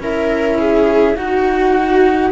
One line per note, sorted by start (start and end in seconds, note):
0.00 1.15 C#4
0.00 1.16 E4
0.00 0.59 A#4
0.00 1.16 E5
0.59 1.16 G#4
1.16 2.31 D#4
1.16 2.31 F#4
1.16 2.31 F#5